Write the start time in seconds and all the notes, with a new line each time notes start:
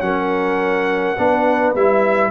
0.00 F#3 C#4 A#4 F#5
1.18 B3 D4 B4
1.75 G3 E4 E5